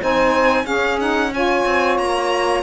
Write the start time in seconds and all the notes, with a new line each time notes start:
0.00 C4 D#4 C5 G#5
0.63 C#4 G#4 F5
0.98 D#4 F#5
1.33 F4 C#5 G#5
1.65 C4
1.98 A#3 A#5